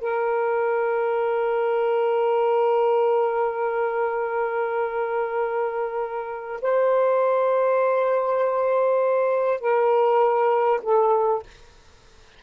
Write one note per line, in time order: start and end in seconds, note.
0.00 6.60 A#4
6.61 9.60 C5
9.60 10.80 A#4
10.82 11.42 A4